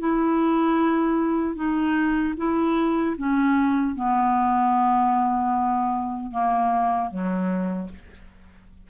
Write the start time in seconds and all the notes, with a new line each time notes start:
0.00 E4
1.56 D#4
2.38 E4
3.18 C#4
3.96 B3
6.32 A#3
7.11 F#3